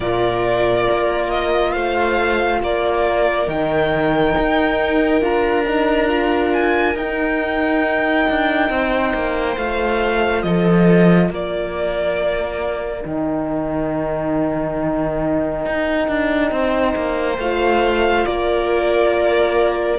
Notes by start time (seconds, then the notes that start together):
0.00 A#2 F4 A#4 D5
0.91 A#3
1.30 D#5
1.72 A3 C5 F5
2.61 A#3 A#4 D5
3.47 D#3 D#4 G5
4.38 D#4
5.21 D4 F4 A#5
5.66 D#4
6.08 F4
6.53 G#5
6.95 D#4 G5
8.29 D4
8.69 C4 C5
9.13 A#3
9.55 A3 F4 F5
10.42 F3 A4 D#5
11.30 A#3 A#4 D5
13.01 D#3 D#4 G5
15.65 D#4
16.08 D4
16.51 C4 C5
16.95 A#3
17.37 A3 F4 F5
18.25 A#3 A#4 D5